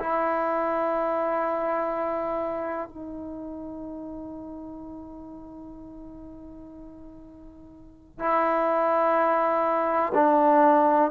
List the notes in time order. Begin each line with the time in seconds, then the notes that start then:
0.00 E4
2.89 D#4
8.20 E4
10.14 D4